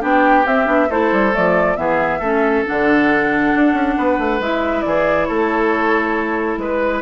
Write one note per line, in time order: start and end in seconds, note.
0.00 0.45 B3
0.00 0.44 D4
0.00 0.88 G4
0.00 0.47 G5
0.45 0.66 C4
0.45 0.65 C4
0.45 0.90 E5
0.65 0.88 B3
0.65 0.87 D4
0.89 1.12 A3
0.89 1.32 E4
0.89 1.77 A4
0.89 1.34 C5
1.12 1.34 G3
1.32 1.77 F3
1.32 1.75 A3
1.32 1.76 D5
1.76 2.20 E3
1.76 2.20 B3
1.76 2.19 G#4
1.76 2.64 E5
2.19 2.63 A3
2.19 2.65 C#4
2.19 3.94 A4
2.65 3.55 D3
2.65 4.41 D4
2.65 4.42 F#5
3.55 3.73 D4
3.73 3.95 C#4
3.97 4.18 B3
3.97 4.85 B4
4.18 4.39 A3
4.39 4.83 G#3
4.39 7.02 E4
4.39 4.81 E5
4.81 5.29 E3
4.81 5.28 G#4
4.81 5.25 D5
5.25 6.57 A3
5.25 6.59 A4
5.25 6.56 C#5
6.57 7.01 G#3
6.57 7.02 B4